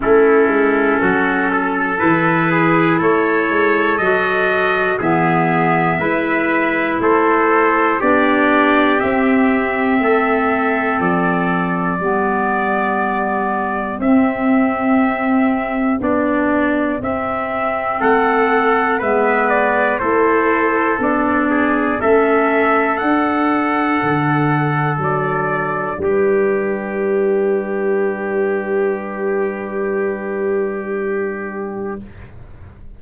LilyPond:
<<
  \new Staff \with { instrumentName = "trumpet" } { \time 4/4 \tempo 4 = 60 a'2 b'4 cis''4 | dis''4 e''2 c''4 | d''4 e''2 d''4~ | d''2 e''2 |
d''4 e''4 fis''4 e''8 d''8 | c''4 d''4 e''4 fis''4~ | fis''4 d''4 b'2~ | b'1 | }
  \new Staff \with { instrumentName = "trumpet" } { \time 4/4 e'4 fis'8 a'4 gis'8 a'4~ | a'4 gis'4 b'4 a'4 | g'2 a'2 | g'1~ |
g'2 a'4 b'4 | a'4. gis'8 a'2~ | a'2 g'2~ | g'1 | }
  \new Staff \with { instrumentName = "clarinet" } { \time 4/4 cis'2 e'2 | fis'4 b4 e'2 | d'4 c'2. | b2 c'2 |
d'4 c'2 b4 | e'4 d'4 cis'4 d'4~ | d'1~ | d'1 | }
  \new Staff \with { instrumentName = "tuba" } { \time 4/4 a8 gis8 fis4 e4 a8 gis8 | fis4 e4 gis4 a4 | b4 c'4 a4 f4 | g2 c'2 |
b4 c'4 a4 gis4 | a4 b4 a4 d'4 | d4 fis4 g2~ | g1 | }
>>